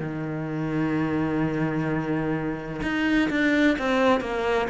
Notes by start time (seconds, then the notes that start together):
0.00 D#3
2.83 D#4
3.30 D4
3.79 C4
4.21 A#3